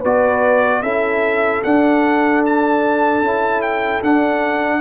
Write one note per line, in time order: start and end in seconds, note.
0.00 0.82 B3
0.00 0.84 F#4
0.00 0.80 B4
0.00 0.82 D5
0.82 1.62 C#4
0.82 1.64 E4
0.82 4.81 A4
0.82 1.62 E5
1.64 3.24 D4
1.64 3.22 D4
1.64 2.44 F#5
2.46 3.62 A5
3.22 4.02 C#4
3.22 4.03 E4
3.62 4.02 G5
4.03 4.81 D4
4.03 4.81 F#5